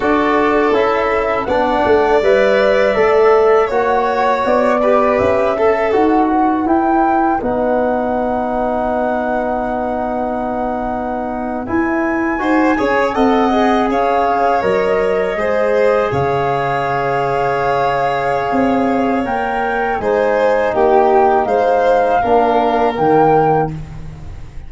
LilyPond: <<
  \new Staff \with { instrumentName = "flute" } { \time 4/4 \tempo 4 = 81 d''4 e''4 fis''4 e''4~ | e''4 fis''4 d''4 e''4 | fis''4 g''4 fis''2~ | fis''2.~ fis''8. gis''16~ |
gis''4.~ gis''16 fis''4 f''4 dis''16~ | dis''4.~ dis''16 f''2~ f''16~ | f''2 g''4 gis''4 | g''4 f''2 g''4 | }
  \new Staff \with { instrumentName = "violin" } { \time 4/4 a'2 d''2~ | d''4 cis''4. b'4 a'8~ | a'8 b'2.~ b'8~ | b'1~ |
b'8. c''8 cis''8 dis''4 cis''4~ cis''16~ | cis''8. c''4 cis''2~ cis''16~ | cis''2. c''4 | g'4 c''4 ais'2 | }
  \new Staff \with { instrumentName = "trombone" } { \time 4/4 fis'4 e'4 d'4 b'4 | a'4 fis'4. g'4 a'8 | fis'4 e'4 dis'2~ | dis'2.~ dis'8. e'16~ |
e'8. fis'8 gis'8 a'8 gis'4. ais'16~ | ais'8. gis'2.~ gis'16~ | gis'2 ais'4 dis'4~ | dis'2 d'4 ais4 | }
  \new Staff \with { instrumentName = "tuba" } { \time 4/4 d'4 cis'4 b8 a8 g4 | a4 ais4 b4 cis'4 | dis'4 e'4 b2~ | b2.~ b8. e'16~ |
e'8. dis'8 cis'8 c'4 cis'4 fis16~ | fis8. gis4 cis2~ cis16~ | cis4 c'4 ais4 gis4 | ais4 gis4 ais4 dis4 | }
>>